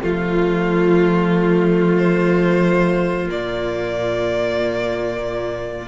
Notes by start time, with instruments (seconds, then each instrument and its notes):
0.00 cello F3, viola A3, violin F4
1.97 violin C5
3.26 cello A#2, viola A#3, violin D5